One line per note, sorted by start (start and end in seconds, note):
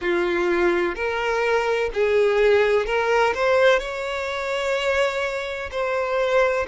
0.01 0.95 F4
0.95 1.90 A#4
1.93 2.86 G#4
2.86 3.33 A#4
3.34 3.79 C5
3.79 5.69 C#5
5.71 6.66 C5